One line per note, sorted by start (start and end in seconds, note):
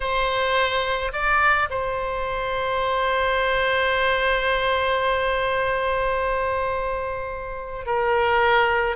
0.00 1.12 C5
1.12 1.68 D5
1.70 7.86 C5
7.86 8.96 A#4